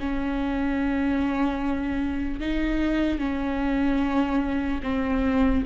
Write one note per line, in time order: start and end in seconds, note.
0.00 2.41 C#4
2.41 3.19 D#4
3.19 4.81 C#4
4.83 5.64 C4